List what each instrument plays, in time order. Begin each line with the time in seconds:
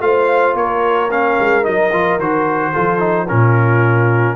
0.00 tuba A3, trombone F4, horn C5, trumpet F5
0.54 tuba A#3, horn A#4, trumpet C#5
1.11 trombone C#4, trumpet F5
1.39 tuba G#3
1.63 tuba F#3, trombone D#4, trumpet D#5
1.92 tuba F3, trombone F4
2.18 tuba D#3, trombone F#4, trumpet C5
2.72 tuba F3, trombone F4, horn A4
2.99 trombone D#4
3.28 tuba A#2, trombone C#4, horn F4, trumpet A#4